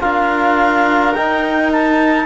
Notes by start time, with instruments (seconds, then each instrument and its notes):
0.00 cello D4, trombone F4, violin A#4, clarinet F5
1.14 trombone D#4, cello D#4, clarinet G5
1.72 clarinet A5